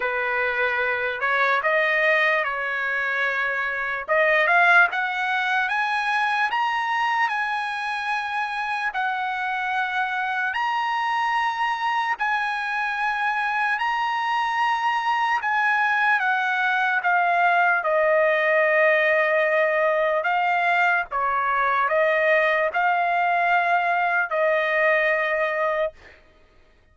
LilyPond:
\new Staff \with { instrumentName = "trumpet" } { \time 4/4 \tempo 4 = 74 b'4. cis''8 dis''4 cis''4~ | cis''4 dis''8 f''8 fis''4 gis''4 | ais''4 gis''2 fis''4~ | fis''4 ais''2 gis''4~ |
gis''4 ais''2 gis''4 | fis''4 f''4 dis''2~ | dis''4 f''4 cis''4 dis''4 | f''2 dis''2 | }